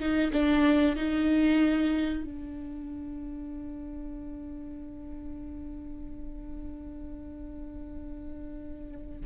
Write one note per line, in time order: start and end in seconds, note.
0.00 0.32 D#4
0.33 0.96 D4
0.96 2.24 D#4
2.24 9.26 D4